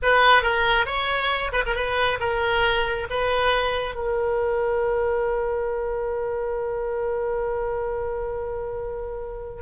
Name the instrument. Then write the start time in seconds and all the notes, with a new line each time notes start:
oboe
0.02 B4
0.42 A#4
0.86 C#5
1.52 B4
1.66 A#4
1.75 B4
2.20 A#4
3.10 B4
3.94 A#4